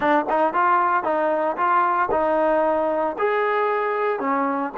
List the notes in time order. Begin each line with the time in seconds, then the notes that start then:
0.00 D4
0.29 D#4
0.53 F4
1.03 D#4
1.56 F4
2.11 D#4
3.18 G#4
4.19 C#4